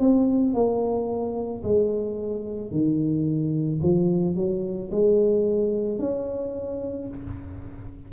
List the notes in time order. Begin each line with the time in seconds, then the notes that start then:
0.00 C4
0.54 A#3
1.64 G#3
2.71 D#3
3.82 F3
4.36 F#3
4.91 G#3
5.99 C#4